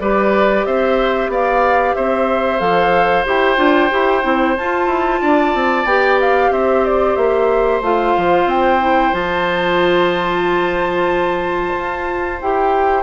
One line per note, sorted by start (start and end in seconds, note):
0.00 0.65 G3
0.00 2.59 G4
0.00 0.66 B4
0.00 0.65 D5
0.66 1.28 C4
0.66 1.31 C5
0.66 1.31 E5
1.28 1.94 B3
1.28 1.96 D5
1.28 1.95 F5
1.95 2.60 C4
1.95 5.21 C5
1.95 2.60 E5
2.59 3.25 F3
2.59 3.25 A4
2.59 3.25 F5
3.25 3.58 E4
3.25 3.57 G4
3.25 4.57 G5
3.57 3.90 D4
3.57 3.89 F4
3.90 4.24 E4
3.90 4.22 G4
4.22 4.56 C4
4.22 4.55 E4
4.57 4.86 F4
4.57 5.87 F4
4.57 5.86 A5
4.86 5.19 E4
5.21 5.54 D4
5.21 6.51 D5
5.54 5.85 C4
5.85 6.50 B3
5.85 7.83 G4
5.85 6.19 G5
6.20 6.52 F5
6.50 7.16 C4
6.50 13.03 C5
6.50 6.85 E5
6.85 7.15 D5
7.15 7.81 A#3
7.15 7.81 E5
7.81 8.14 A3
7.81 8.80 F4
7.81 8.49 F5
8.17 8.45 F3
8.45 9.11 C4
8.45 9.14 G5
8.80 9.12 E4
9.12 11.74 F3
9.12 12.38 F4
9.12 12.40 A5
11.75 12.40 F4
12.41 13.03 E4
12.41 13.03 G4
12.41 13.03 G5